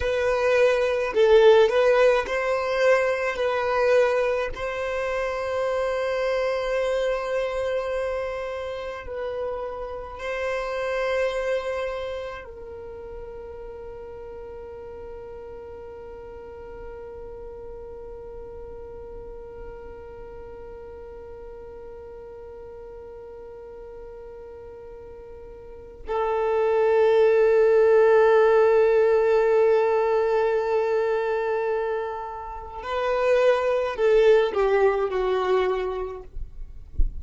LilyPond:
\new Staff \with { instrumentName = "violin" } { \time 4/4 \tempo 4 = 53 b'4 a'8 b'8 c''4 b'4 | c''1 | b'4 c''2 ais'4~ | ais'1~ |
ais'1~ | ais'2. a'4~ | a'1~ | a'4 b'4 a'8 g'8 fis'4 | }